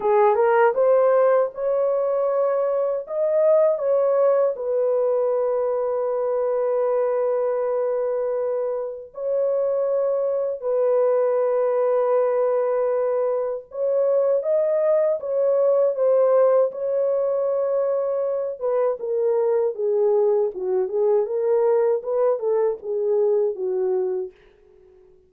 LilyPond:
\new Staff \with { instrumentName = "horn" } { \time 4/4 \tempo 4 = 79 gis'8 ais'8 c''4 cis''2 | dis''4 cis''4 b'2~ | b'1 | cis''2 b'2~ |
b'2 cis''4 dis''4 | cis''4 c''4 cis''2~ | cis''8 b'8 ais'4 gis'4 fis'8 gis'8 | ais'4 b'8 a'8 gis'4 fis'4 | }